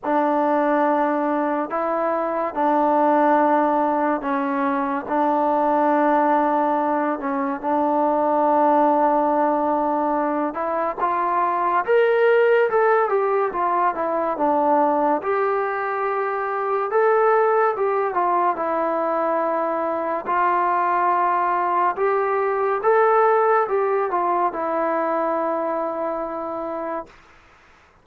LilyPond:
\new Staff \with { instrumentName = "trombone" } { \time 4/4 \tempo 4 = 71 d'2 e'4 d'4~ | d'4 cis'4 d'2~ | d'8 cis'8 d'2.~ | d'8 e'8 f'4 ais'4 a'8 g'8 |
f'8 e'8 d'4 g'2 | a'4 g'8 f'8 e'2 | f'2 g'4 a'4 | g'8 f'8 e'2. | }